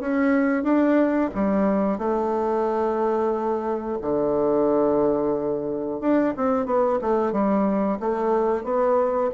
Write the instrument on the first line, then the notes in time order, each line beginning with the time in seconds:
bassoon
0.00 C#4
0.63 D4
1.35 G3
1.98 A3
4.02 D3
6.01 D4
6.37 C4
6.66 B3
7.02 A3
7.32 G3
8.00 A3
8.64 B3